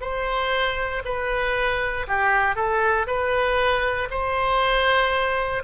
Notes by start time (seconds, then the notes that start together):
0.00 C5
1.04 B4
2.07 G4
2.55 A4
3.06 B4
4.10 C5